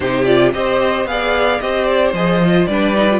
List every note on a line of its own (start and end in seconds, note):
0.00 0.54 C3
0.00 0.25 D#4
0.00 0.53 G4
0.00 0.24 C5
0.24 0.52 F4
0.24 0.51 D5
0.52 1.05 C4
0.52 1.06 G4
0.52 1.09 C5
0.52 1.06 D#5
1.05 1.58 B3
1.05 1.60 G#4
1.05 1.61 D5
1.05 1.60 F5
1.60 2.13 C4
1.60 2.14 G4
1.60 2.68 C5
1.60 1.84 D#5
1.84 2.11 D5
2.13 2.67 F3
2.13 2.42 G#4
2.13 2.66 D#5
2.44 2.69 F4
2.66 3.20 G3
2.66 2.95 D4
2.66 3.20 B4
2.66 3.20 D5
2.95 3.08 D#4
3.09 3.20 F4